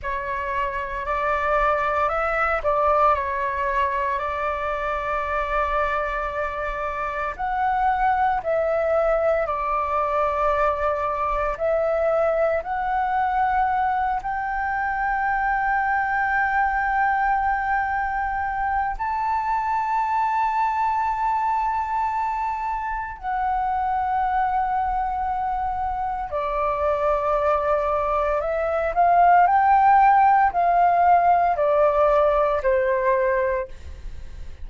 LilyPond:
\new Staff \with { instrumentName = "flute" } { \time 4/4 \tempo 4 = 57 cis''4 d''4 e''8 d''8 cis''4 | d''2. fis''4 | e''4 d''2 e''4 | fis''4. g''2~ g''8~ |
g''2 a''2~ | a''2 fis''2~ | fis''4 d''2 e''8 f''8 | g''4 f''4 d''4 c''4 | }